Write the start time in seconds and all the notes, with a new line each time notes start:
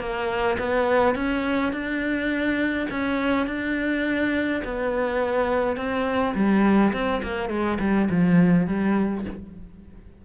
0.00 A#3
0.59 B3
1.15 C#4
1.73 D4
2.91 C#4
3.47 D4
4.64 B3
5.77 C4
6.35 G3
6.93 C4
7.23 A#3
7.50 G#3
7.80 G3
8.11 F3
8.67 G3